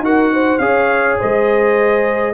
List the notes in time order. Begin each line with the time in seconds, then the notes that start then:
0.00 D#4 F#4 A#4 F#5
0.33 C5
0.59 C#4 G#4 C#5 F5
1.19 G#3 C5 D#5